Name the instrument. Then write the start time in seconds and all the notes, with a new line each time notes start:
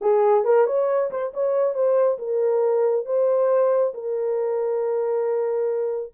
horn
0.01 G#4
0.44 A#4
0.66 C#5
1.10 C5
1.33 C#5
1.74 C5
2.18 A#4
3.05 C5
3.94 A#4